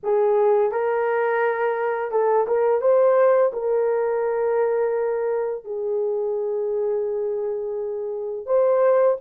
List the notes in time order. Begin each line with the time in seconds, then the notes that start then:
0.03 G#4
0.71 A#4
2.11 A4
2.47 A#4
2.81 C5
3.52 A#4
5.64 G#4
8.46 C5